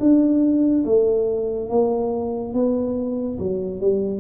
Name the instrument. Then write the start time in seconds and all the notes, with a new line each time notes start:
tuba
0.00 D4
0.85 A3
1.69 A#3
2.54 B3
3.39 F#3
3.81 G3